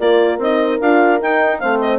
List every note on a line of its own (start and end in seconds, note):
0.00 0.39 A#3
0.00 0.41 F4
0.00 1.61 A#4
0.00 0.40 D5
0.39 0.79 C4
0.39 0.82 D#4
0.39 0.81 D#5
0.81 1.22 D4
0.81 1.20 F4
0.81 1.21 F5
1.20 1.60 D#4
1.20 1.63 D#4
1.20 1.60 G5
1.60 2.00 A3
1.60 2.00 C4
1.60 2.00 C5
1.60 1.80 F5
1.81 2.00 D#5